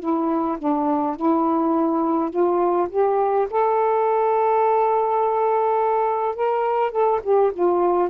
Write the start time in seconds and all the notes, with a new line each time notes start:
0.00 E4
0.59 D4
1.16 E4
2.31 F4
2.90 G4
3.50 A4
6.36 A#4
6.92 A4
7.23 G4
7.54 F4